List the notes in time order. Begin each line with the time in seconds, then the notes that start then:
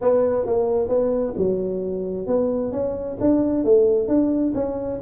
0.01 B3
0.46 A#3
0.88 B3
1.37 F#3
2.26 B3
2.71 C#4
3.20 D4
3.64 A3
4.08 D4
4.54 C#4